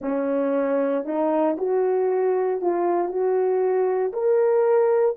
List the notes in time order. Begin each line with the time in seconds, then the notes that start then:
0.01 C#4
1.04 D#4
1.58 F#4
2.61 F4
3.08 F#4
4.12 A#4